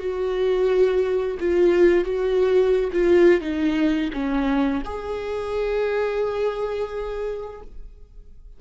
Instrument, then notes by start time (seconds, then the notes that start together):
viola
0.00 F#4
1.40 F4
2.05 F#4
2.93 F4
3.41 D#4
4.13 C#4
4.86 G#4